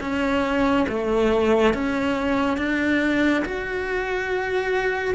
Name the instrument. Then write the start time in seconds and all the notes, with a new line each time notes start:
cello
0.00 C#4
0.88 A3
1.74 C#4
2.58 D4
3.45 F#4